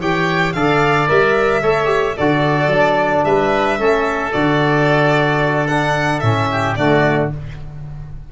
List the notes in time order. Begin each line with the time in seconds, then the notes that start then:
0.00 E3 G4 C#5 G5
0.53 D3 A4 D5 F5
1.08 G3 A#4 E5
1.63 A3 A4 C#5
1.86 G4
2.17 D3 F#4 A4 D5
2.67 F#3 D4
3.25 G3 B4 E5
3.79 A3 C#4 A4
4.33 D3 F#4 D5
5.68 D4 F#5
6.20 A2 C#4 E5
6.52 G4
6.76 D3 A3 F#4 D5